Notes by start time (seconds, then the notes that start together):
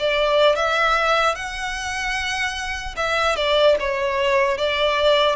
0.00 D5
0.56 E5
1.36 F#5
2.97 E5
3.36 D5
3.80 C#5
4.58 D5